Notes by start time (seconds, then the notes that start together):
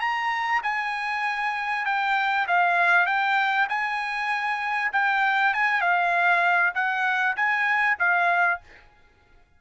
0.00 A#5
0.63 G#5
1.85 G5
2.47 F5
3.06 G5
3.68 G#5
4.92 G5
5.53 G#5
5.81 F5
6.74 F#5
7.36 G#5
7.99 F5